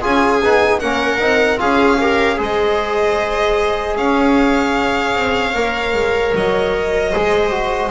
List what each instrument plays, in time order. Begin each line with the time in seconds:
0.00 double bass C#4, trombone F4, viola G#4, violin G#5
0.43 double bass B3, trombone D#4
0.80 double bass A#3, trombone C#4, viola A#4, violin F#5
1.19 double bass C4, trombone D#4
1.58 double bass C#4, trombone F4, viola G#4, violin F5
2.01 trombone G4, viola A#4
2.37 double bass G#3, trombone G#4, viola C5
2.43 violin D#5
3.97 double bass C#4, viola C#5, violin F5
5.15 double bass C4
5.55 double bass A#3, trombone A#4
5.94 double bass G#3
6.35 double bass F#3, violin D#5
7.12 double bass G#3, trombone G#4, viola C5
7.51 trombone F#4